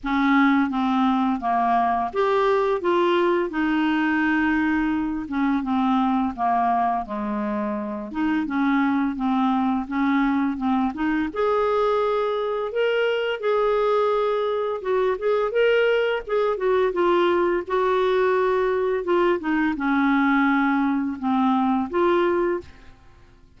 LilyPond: \new Staff \with { instrumentName = "clarinet" } { \time 4/4 \tempo 4 = 85 cis'4 c'4 ais4 g'4 | f'4 dis'2~ dis'8 cis'8 | c'4 ais4 gis4. dis'8 | cis'4 c'4 cis'4 c'8 dis'8 |
gis'2 ais'4 gis'4~ | gis'4 fis'8 gis'8 ais'4 gis'8 fis'8 | f'4 fis'2 f'8 dis'8 | cis'2 c'4 f'4 | }